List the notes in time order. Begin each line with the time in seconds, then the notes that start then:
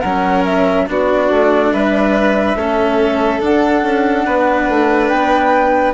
0.00 F#3 C#4 A#4 F#5
0.45 E5
0.86 B3 D4 F#4 D5
1.30 A3
1.72 G3 B4 E5
2.55 A3 C#4 A4
3.40 D4 F#5
3.82 C#4
4.25 B3 B4
4.68 A3
5.08 B3 G5